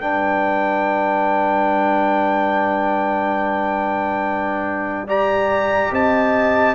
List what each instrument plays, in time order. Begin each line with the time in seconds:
0.00 tuba G3, trombone D4, horn B4, trumpet G5
5.07 trombone G4, horn D5, trumpet A#5
5.91 tuba C4, horn D#5, trumpet A5